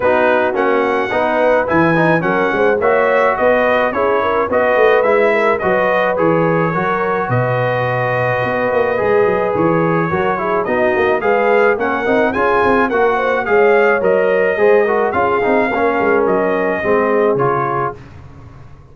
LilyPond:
<<
  \new Staff \with { instrumentName = "trumpet" } { \time 4/4 \tempo 4 = 107 b'4 fis''2 gis''4 | fis''4 e''4 dis''4 cis''4 | dis''4 e''4 dis''4 cis''4~ | cis''4 dis''2.~ |
dis''4 cis''2 dis''4 | f''4 fis''4 gis''4 fis''4 | f''4 dis''2 f''4~ | f''4 dis''2 cis''4 | }
  \new Staff \with { instrumentName = "horn" } { \time 4/4 fis'2 b'2 | ais'8 c''8 cis''4 b'4 gis'8 ais'8 | b'4. ais'8 b'2 | ais'4 b'2.~ |
b'2 ais'8 gis'8 fis'4 | b'4 ais'4 gis'4 ais'8 c''8 | cis''2 c''8 ais'8 gis'4 | ais'2 gis'2 | }
  \new Staff \with { instrumentName = "trombone" } { \time 4/4 dis'4 cis'4 dis'4 e'8 dis'8 | cis'4 fis'2 e'4 | fis'4 e'4 fis'4 gis'4 | fis'1 |
gis'2 fis'8 e'8 dis'4 | gis'4 cis'8 dis'8 f'4 fis'4 | gis'4 ais'4 gis'8 fis'8 f'8 dis'8 | cis'2 c'4 f'4 | }
  \new Staff \with { instrumentName = "tuba" } { \time 4/4 b4 ais4 b4 e4 | fis8 gis8 ais4 b4 cis'4 | b8 a8 gis4 fis4 e4 | fis4 b,2 b8 ais8 |
gis8 fis8 e4 fis4 b8 ais8 | gis4 ais8 c'8 cis'8 c'8 ais4 | gis4 fis4 gis4 cis'8 c'8 | ais8 gis8 fis4 gis4 cis4 | }
>>